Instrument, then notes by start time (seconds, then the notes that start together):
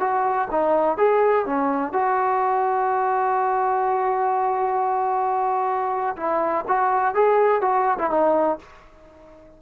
trombone
0.00 F#4
0.51 D#4
0.98 G#4
1.46 C#4
1.93 F#4
6.17 E4
6.68 F#4
7.15 G#4
7.62 F#4
7.98 E4
8.10 D#4